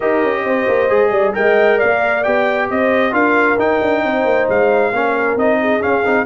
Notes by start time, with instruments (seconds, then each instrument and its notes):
0.00 tuba D#4, trombone G4, horn A#4, trumpet D#5
0.23 tuba C#4
0.44 tuba C4, horn C5
0.67 tuba A#3
0.89 tuba G#3, trombone G#4
1.10 tuba G3, horn D5
1.33 tuba G#3, trombone A#4, horn D#5, trumpet G5
1.77 tuba A#3, horn D5, trumpet F5
2.23 tuba B3, trombone G4, trumpet G5
2.70 tuba C4, horn C5, trumpet D#5
3.11 tuba D4, trombone F4, horn A#4, trumpet F5
3.58 tuba D#4, trombone D#4, trumpet G5
3.81 tuba D4
4.03 tuba C4, horn C5
4.24 tuba A#3
4.49 tuba G#3, trumpet F5
4.91 tuba A#3, trombone C#4, horn A#4
5.35 tuba C4, trombone D#4, trumpet D#5
5.60 horn G#4
5.81 trombone C#4, tuba C#4, trumpet F5
6.05 tuba C4, trombone D#4